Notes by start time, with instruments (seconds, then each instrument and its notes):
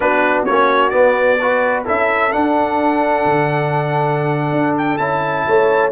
0.00 tuba B3, trombone D4, horn F#4, trumpet B4
0.45 tuba A#3, trombone C#4, trumpet C#5
0.89 trombone B3, tuba B3, trumpet D5
1.40 trombone F#4, horn B4
1.85 tuba C#4, trombone E4, horn A4, trumpet E5
2.31 trombone D4, tuba D4, trumpet F#5
3.25 tuba D3
4.51 tuba D4
4.77 trumpet G5
4.97 tuba C#4, trombone E4, trumpet A5
5.47 tuba A3, horn C#5